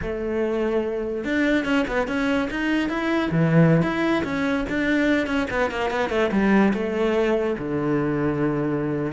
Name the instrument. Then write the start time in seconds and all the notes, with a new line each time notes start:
cello
0.02 A3
1.24 D4
1.65 C#4
1.87 B3
2.07 C#4
2.50 D#4
2.89 E4
3.31 E3
3.82 E4
4.24 C#4
4.69 D4
5.26 C#4
5.50 B3
5.70 A#3
5.90 B3
6.09 A3
6.31 G3
6.73 A3
7.58 D3